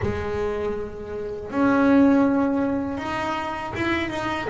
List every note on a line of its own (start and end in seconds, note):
0.02 1.50 G#3
1.50 2.97 C#4
2.97 3.72 D#4
3.75 4.10 E4
4.10 4.47 D#4